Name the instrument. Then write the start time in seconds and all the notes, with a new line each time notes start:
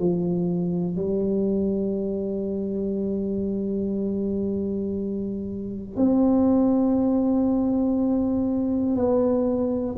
tuba
0.00 F3
0.96 G3
5.96 C4
8.96 B3